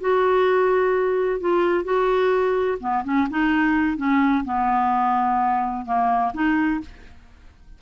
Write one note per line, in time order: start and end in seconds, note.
0.00 1.40 F#4
1.40 1.84 F4
1.84 2.78 F#4
2.80 3.04 B3
3.04 3.28 C#4
3.30 3.97 D#4
3.97 4.44 C#4
4.45 5.85 B3
5.85 6.32 A#3
6.34 6.81 D#4